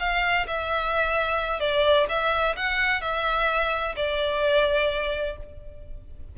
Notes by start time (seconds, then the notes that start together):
0.00 F5
0.48 E5
1.60 D5
2.09 E5
2.57 F#5
3.02 E5
3.96 D5